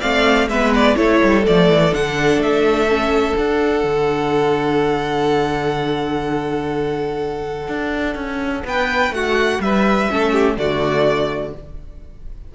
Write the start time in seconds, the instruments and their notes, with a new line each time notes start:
0.00 cello A3, viola C4, violin D5 F5
0.48 cello G#3, viola B3, violin B4 E5
0.75 violin D5
0.95 cello A3, viola E4, violin A4 C#5
1.23 cello G3
1.43 cello F3, viola A3, violin D5
1.69 cello E3
1.92 cello D3, viola D4, violin F#5
2.37 cello A3, violin E5
2.89 viola C#4
3.36 viola D4, cello D4, violin F#5
3.83 cello D3
7.68 cello D4
8.15 cello C#4
8.64 cello B3, violin B4 G5
9.10 cello A3, violin F#4 F#5
9.60 cello G3, violin B4 E5
10.09 cello A3, viola C#4, violin A4
10.32 violin G4
10.57 cello D3, viola A3, violin F#4 D5